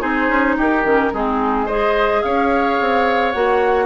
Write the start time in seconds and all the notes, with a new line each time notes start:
0.00 C4 D#4 G#4 C5
0.28 C#4
0.57 D#4 G4 A#4
0.84 D#3 C#4
1.12 G#3 C4 D#4 G#4
1.65 G#4 C5 D#5
2.22 C#4 C#5 F5
2.80 C4
3.31 A#3 F#4 F#5